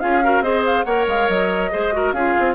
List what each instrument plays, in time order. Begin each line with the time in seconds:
0.00 bassoon C#4, clarinet F4, oboe G#4, flute F5
0.23 clarinet F#4, oboe A#4
0.41 bassoon C4, clarinet G#4, oboe C5, flute D#5
0.66 flute F5
0.84 bassoon A#3, clarinet A#4, oboe C#5, flute F#5
1.07 bassoon G#3, flute F5
1.29 bassoon F#3, flute D#5
1.72 bassoon G#3, clarinet G#4, oboe C5
1.92 clarinet F#4, oboe A#4
2.12 bassoon C#4, clarinet F4, oboe G#4, flute F5
2.39 bassoon C4